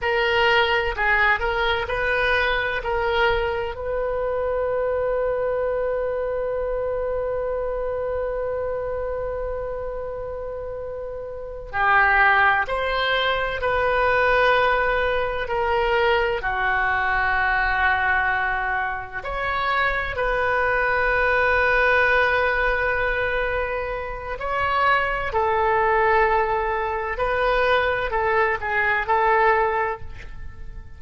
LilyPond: \new Staff \with { instrumentName = "oboe" } { \time 4/4 \tempo 4 = 64 ais'4 gis'8 ais'8 b'4 ais'4 | b'1~ | b'1~ | b'8 g'4 c''4 b'4.~ |
b'8 ais'4 fis'2~ fis'8~ | fis'8 cis''4 b'2~ b'8~ | b'2 cis''4 a'4~ | a'4 b'4 a'8 gis'8 a'4 | }